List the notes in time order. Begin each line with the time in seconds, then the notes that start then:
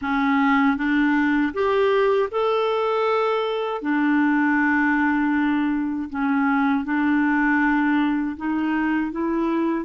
0.01 C#4
0.76 D4
1.53 G4
2.31 A4
3.81 D4
6.09 C#4
6.84 D4
8.36 D#4
9.11 E4